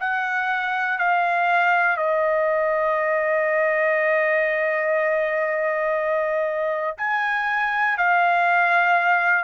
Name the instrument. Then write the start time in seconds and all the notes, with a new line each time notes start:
trumpet
0.00 F#5
0.99 F5
1.96 D#5
6.97 G#5
7.97 F5